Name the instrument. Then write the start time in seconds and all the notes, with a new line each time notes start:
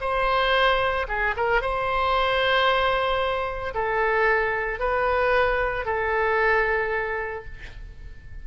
oboe
0.00 C5
1.08 G#4
1.36 A#4
1.61 C5
3.74 A4
4.79 B4
5.85 A4